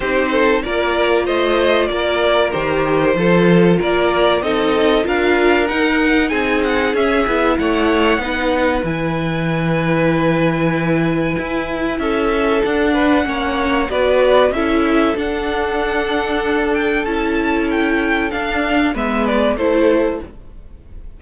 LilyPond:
<<
  \new Staff \with { instrumentName = "violin" } { \time 4/4 \tempo 4 = 95 c''4 d''4 dis''4 d''4 | c''2 d''4 dis''4 | f''4 fis''4 gis''8 fis''8 e''4 | fis''2 gis''2~ |
gis''2. e''4 | fis''2 d''4 e''4 | fis''2~ fis''8 g''8 a''4 | g''4 f''4 e''8 d''8 c''4 | }
  \new Staff \with { instrumentName = "violin" } { \time 4/4 g'8 a'8 ais'4 c''4 ais'4~ | ais'4 a'4 ais'4 a'4 | ais'2 gis'2 | cis''4 b'2.~ |
b'2. a'4~ | a'8 b'8 cis''4 b'4 a'4~ | a'1~ | a'2 b'4 a'4 | }
  \new Staff \with { instrumentName = "viola" } { \time 4/4 dis'4 f'2. | g'4 f'2 dis'4 | f'4 dis'2 cis'8 e'8~ | e'4 dis'4 e'2~ |
e'1 | d'4 cis'4 fis'4 e'4 | d'2. e'4~ | e'4 d'4 b4 e'4 | }
  \new Staff \with { instrumentName = "cello" } { \time 4/4 c'4 ais4 a4 ais4 | dis4 f4 ais4 c'4 | d'4 dis'4 c'4 cis'8 b8 | a4 b4 e2~ |
e2 e'4 cis'4 | d'4 ais4 b4 cis'4 | d'2. cis'4~ | cis'4 d'4 gis4 a4 | }
>>